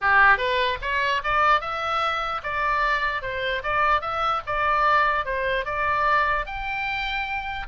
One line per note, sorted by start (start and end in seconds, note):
0.01 0.37 G4
0.37 0.78 B4
0.81 1.22 C#5
1.23 1.61 D5
1.61 2.41 E5
2.43 3.22 D5
3.22 3.62 C5
3.63 4.01 D5
4.01 4.41 E5
4.46 5.25 D5
5.25 5.65 C5
5.65 6.45 D5
6.46 7.66 G5